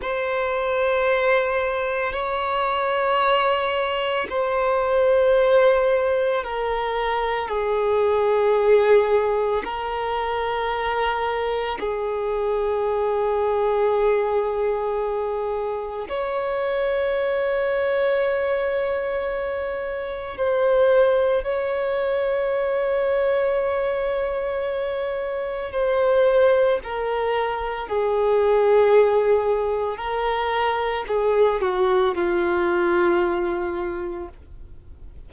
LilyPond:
\new Staff \with { instrumentName = "violin" } { \time 4/4 \tempo 4 = 56 c''2 cis''2 | c''2 ais'4 gis'4~ | gis'4 ais'2 gis'4~ | gis'2. cis''4~ |
cis''2. c''4 | cis''1 | c''4 ais'4 gis'2 | ais'4 gis'8 fis'8 f'2 | }